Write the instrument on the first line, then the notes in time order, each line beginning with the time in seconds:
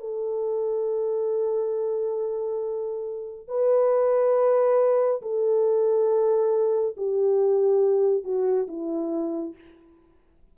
horn
0.00 A4
3.48 B4
5.22 A4
6.97 G4
8.24 F#4
8.68 E4